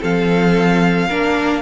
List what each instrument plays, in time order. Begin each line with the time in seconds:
0.00 cello F3, viola C4, violin A4 F5
1.08 cello A#3, viola D4, violin A#4